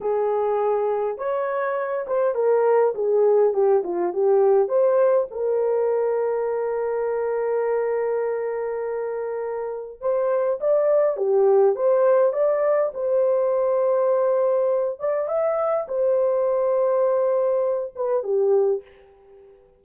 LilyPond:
\new Staff \with { instrumentName = "horn" } { \time 4/4 \tempo 4 = 102 gis'2 cis''4. c''8 | ais'4 gis'4 g'8 f'8 g'4 | c''4 ais'2.~ | ais'1~ |
ais'4 c''4 d''4 g'4 | c''4 d''4 c''2~ | c''4. d''8 e''4 c''4~ | c''2~ c''8 b'8 g'4 | }